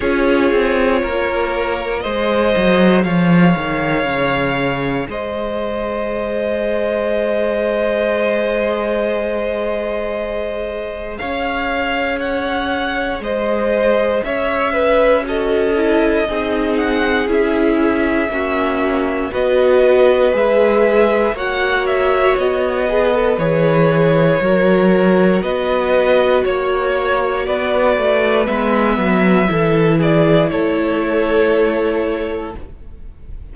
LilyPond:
<<
  \new Staff \with { instrumentName = "violin" } { \time 4/4 \tempo 4 = 59 cis''2 dis''4 f''4~ | f''4 dis''2.~ | dis''2. f''4 | fis''4 dis''4 e''4 dis''4~ |
dis''8 fis''8 e''2 dis''4 | e''4 fis''8 e''8 dis''4 cis''4~ | cis''4 dis''4 cis''4 d''4 | e''4. d''8 cis''2 | }
  \new Staff \with { instrumentName = "violin" } { \time 4/4 gis'4 ais'4 c''4 cis''4~ | cis''4 c''2.~ | c''2. cis''4~ | cis''4 c''4 cis''8 b'8 a'4 |
gis'2 fis'4 b'4~ | b'4 cis''4. b'4. | ais'4 b'4 cis''4 b'4~ | b'4 a'8 gis'8 a'2 | }
  \new Staff \with { instrumentName = "viola" } { \time 4/4 f'2 gis'2~ | gis'1~ | gis'1~ | gis'2. fis'8 e'8 |
dis'4 e'4 cis'4 fis'4 | gis'4 fis'4. gis'16 a'16 gis'4 | fis'1 | b4 e'2. | }
  \new Staff \with { instrumentName = "cello" } { \time 4/4 cis'8 c'8 ais4 gis8 fis8 f8 dis8 | cis4 gis2.~ | gis2. cis'4~ | cis'4 gis4 cis'2 |
c'4 cis'4 ais4 b4 | gis4 ais4 b4 e4 | fis4 b4 ais4 b8 a8 | gis8 fis8 e4 a2 | }
>>